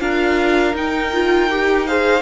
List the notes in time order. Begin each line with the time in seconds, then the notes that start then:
0.00 D4 F4 A#4 F5
0.74 D#4 G5
1.13 F4
1.50 G4
1.87 G#4 C5 F5